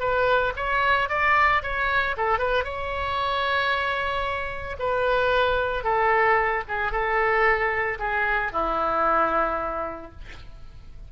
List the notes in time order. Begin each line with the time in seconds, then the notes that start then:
0.00 B4
0.56 C#5
1.09 D5
1.62 C#5
2.17 A4
2.39 B4
2.65 C#5
4.79 B4
5.84 A4
6.68 G#4
6.92 A4
7.99 G#4
8.52 E4